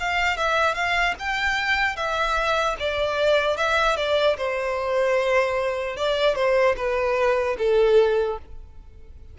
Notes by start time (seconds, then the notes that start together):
0.00 F5
0.37 E5
0.75 F5
1.19 G5
1.96 E5
2.79 D5
3.57 E5
3.97 D5
4.37 C5
5.97 D5
6.36 C5
6.77 B4
7.58 A4